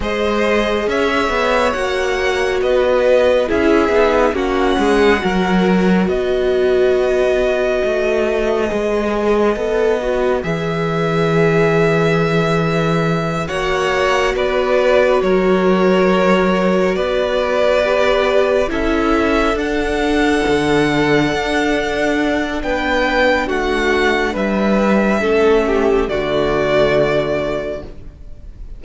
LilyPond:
<<
  \new Staff \with { instrumentName = "violin" } { \time 4/4 \tempo 4 = 69 dis''4 e''4 fis''4 dis''4 | e''4 fis''2 dis''4~ | dis''1 | e''2.~ e''8 fis''8~ |
fis''8 d''4 cis''2 d''8~ | d''4. e''4 fis''4.~ | fis''2 g''4 fis''4 | e''2 d''2 | }
  \new Staff \with { instrumentName = "violin" } { \time 4/4 c''4 cis''2 b'4 | gis'4 fis'8 gis'8 ais'4 b'4~ | b'1~ | b'2.~ b'8 cis''8~ |
cis''8 b'4 ais'2 b'8~ | b'4. a'2~ a'8~ | a'2 b'4 fis'4 | b'4 a'8 g'8 fis'2 | }
  \new Staff \with { instrumentName = "viola" } { \time 4/4 gis'2 fis'2 | e'8 dis'8 cis'4 fis'2~ | fis'2 gis'4 a'8 fis'8 | gis'2.~ gis'8 fis'8~ |
fis'1~ | fis'8 g'4 e'4 d'4.~ | d'1~ | d'4 cis'4 a2 | }
  \new Staff \with { instrumentName = "cello" } { \time 4/4 gis4 cis'8 b8 ais4 b4 | cis'8 b8 ais8 gis8 fis4 b4~ | b4 a4 gis4 b4 | e2.~ e8 ais8~ |
ais8 b4 fis2 b8~ | b4. cis'4 d'4 d8~ | d8 d'4. b4 a4 | g4 a4 d2 | }
>>